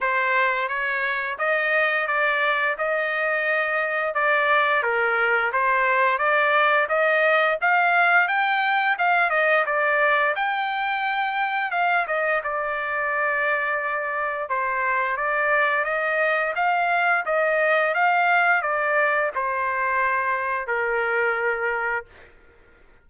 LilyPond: \new Staff \with { instrumentName = "trumpet" } { \time 4/4 \tempo 4 = 87 c''4 cis''4 dis''4 d''4 | dis''2 d''4 ais'4 | c''4 d''4 dis''4 f''4 | g''4 f''8 dis''8 d''4 g''4~ |
g''4 f''8 dis''8 d''2~ | d''4 c''4 d''4 dis''4 | f''4 dis''4 f''4 d''4 | c''2 ais'2 | }